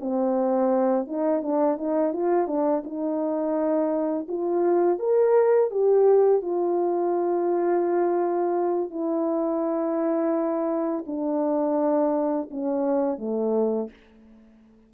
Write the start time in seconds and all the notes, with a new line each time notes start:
0.00 C4
1.07 D#4
1.42 D4
1.78 D#4
2.13 F4
2.47 D4
2.84 D#4
4.28 F4
4.99 A#4
5.71 G4
6.42 F4
8.90 E4
11.07 D4
12.51 C#4
13.18 A3